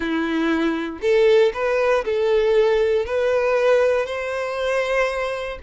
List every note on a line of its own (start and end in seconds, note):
0.00 0.99 E4
1.01 1.52 A4
1.53 2.04 B4
2.05 3.05 A4
3.05 4.06 B4
4.06 5.58 C5